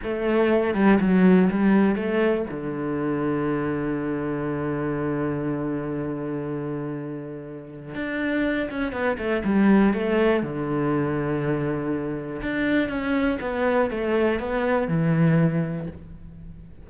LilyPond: \new Staff \with { instrumentName = "cello" } { \time 4/4 \tempo 4 = 121 a4. g8 fis4 g4 | a4 d2.~ | d1~ | d1 |
d'4. cis'8 b8 a8 g4 | a4 d2.~ | d4 d'4 cis'4 b4 | a4 b4 e2 | }